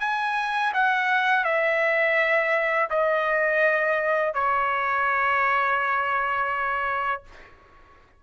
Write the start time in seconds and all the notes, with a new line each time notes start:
0.00 G#5
0.74 F#5
1.45 E5
2.90 D#5
4.34 C#5